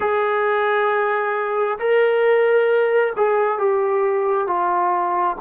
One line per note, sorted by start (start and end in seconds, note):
0.00 1.78 G#4
1.78 3.13 A#4
3.16 3.58 G#4
3.58 4.47 G4
4.47 5.36 F4